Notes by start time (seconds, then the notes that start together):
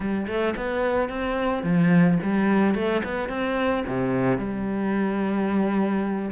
0.00 G3
0.27 A3
0.56 B3
1.09 C4
1.63 F3
2.22 G3
2.74 A3
3.04 B3
3.29 C4
3.87 C3
4.38 G3